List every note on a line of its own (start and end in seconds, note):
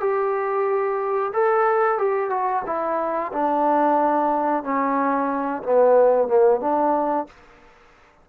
0.00 1.32 G4
1.33 1.98 A4
1.98 2.30 G4
2.30 2.63 F#4
2.66 3.32 E4
3.32 4.63 D4
4.63 5.62 C#4
5.63 6.28 B3
6.28 6.60 A#3
6.60 7.26 D4